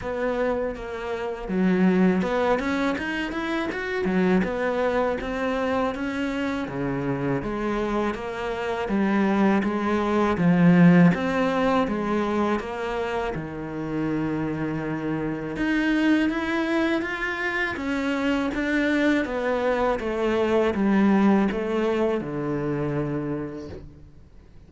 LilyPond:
\new Staff \with { instrumentName = "cello" } { \time 4/4 \tempo 4 = 81 b4 ais4 fis4 b8 cis'8 | dis'8 e'8 fis'8 fis8 b4 c'4 | cis'4 cis4 gis4 ais4 | g4 gis4 f4 c'4 |
gis4 ais4 dis2~ | dis4 dis'4 e'4 f'4 | cis'4 d'4 b4 a4 | g4 a4 d2 | }